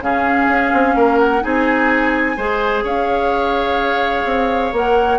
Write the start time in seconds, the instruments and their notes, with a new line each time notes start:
0.00 bassoon C#3, clarinet C#4, oboe G#4, flute F5
0.48 bassoon C#4
0.73 bassoon C4
0.95 bassoon A#3, oboe A#4
1.19 flute F#5
1.41 bassoon C4, clarinet D#4, oboe G#4, flute G#5
2.36 bassoon G#3, clarinet G#4, oboe C5
2.83 bassoon C#4, oboe C#5, flute F5
4.24 bassoon C4
4.72 bassoon A#3, clarinet A#4, flute F#5